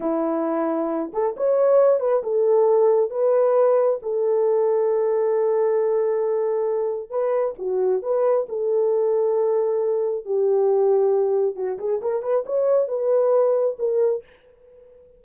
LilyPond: \new Staff \with { instrumentName = "horn" } { \time 4/4 \tempo 4 = 135 e'2~ e'8 a'8 cis''4~ | cis''8 b'8 a'2 b'4~ | b'4 a'2.~ | a'1 |
b'4 fis'4 b'4 a'4~ | a'2. g'4~ | g'2 fis'8 gis'8 ais'8 b'8 | cis''4 b'2 ais'4 | }